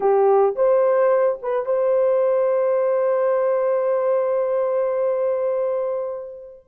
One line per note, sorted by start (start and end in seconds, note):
0.00 0.55 G4
0.55 1.38 C5
1.41 1.65 B4
1.65 6.65 C5